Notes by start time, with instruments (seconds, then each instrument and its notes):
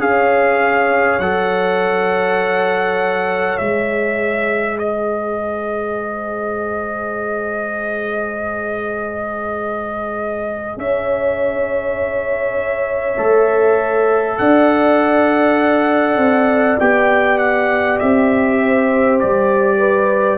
0.00 tuba C#4, trombone G#4, horn C#5, trumpet F5
1.20 tuba F#3, trombone A4, trumpet F#5
3.58 tuba G#3, trombone G#4, trumpet E5
4.78 horn C5, trumpet D#5
10.78 tuba C#4, horn C#5, trumpet E5
13.18 tuba A3, trombone A4
14.38 tuba D4, horn D5, trumpet F#5
16.17 tuba C4
16.80 tuba B3, trombone G4, trumpet G5
17.39 trumpet F#5
18.00 tuba C4, trumpet E5
18.60 horn C5
19.20 tuba G3, trumpet D5
19.78 horn B4